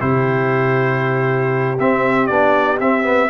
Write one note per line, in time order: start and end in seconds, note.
0.00 1.79 C3
0.00 1.78 E4
0.00 3.30 G4
0.00 1.79 C5
1.79 2.30 C4
1.79 2.27 E5
2.27 2.80 B3
2.27 2.81 D4
2.27 2.78 D5
2.80 3.30 C4
2.80 3.03 C4
2.80 3.30 E5
3.03 3.28 B3